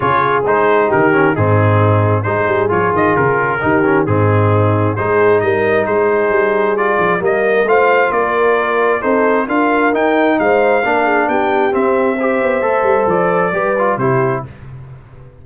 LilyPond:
<<
  \new Staff \with { instrumentName = "trumpet" } { \time 4/4 \tempo 4 = 133 cis''4 c''4 ais'4 gis'4~ | gis'4 c''4 cis''8 dis''8 ais'4~ | ais'4 gis'2 c''4 | dis''4 c''2 d''4 |
dis''4 f''4 d''2 | c''4 f''4 g''4 f''4~ | f''4 g''4 e''2~ | e''4 d''2 c''4 | }
  \new Staff \with { instrumentName = "horn" } { \time 4/4 gis'2 g'4 dis'4~ | dis'4 gis'2. | g'4 dis'2 gis'4 | ais'4 gis'2. |
ais'4 c''4 ais'2 | a'4 ais'2 c''4 | ais'8 gis'8 g'2 c''4~ | c''2 b'4 g'4 | }
  \new Staff \with { instrumentName = "trombone" } { \time 4/4 f'4 dis'4. cis'8 c'4~ | c'4 dis'4 f'2 | dis'8 cis'8 c'2 dis'4~ | dis'2. f'4 |
ais4 f'2. | dis'4 f'4 dis'2 | d'2 c'4 g'4 | a'2 g'8 f'8 e'4 | }
  \new Staff \with { instrumentName = "tuba" } { \time 4/4 cis4 gis4 dis4 gis,4~ | gis,4 gis8 g8 f8 dis8 cis4 | dis4 gis,2 gis4 | g4 gis4 g4. f8 |
g4 a4 ais2 | c'4 d'4 dis'4 gis4 | ais4 b4 c'4. b8 | a8 g8 f4 g4 c4 | }
>>